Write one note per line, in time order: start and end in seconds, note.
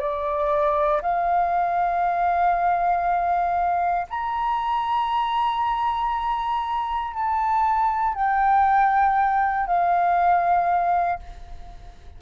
0.00 1.02 D5
1.02 4.07 F5
4.10 7.14 A#5
7.14 8.15 A5
8.15 9.67 G5
9.67 11.20 F5